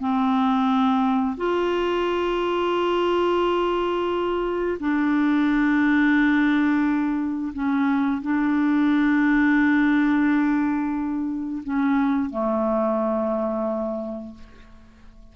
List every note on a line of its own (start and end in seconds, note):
0.00 1.36 C4
1.37 4.78 F4
4.79 7.52 D4
7.53 8.21 C#4
8.22 11.62 D4
11.63 12.29 C#4
12.29 14.34 A3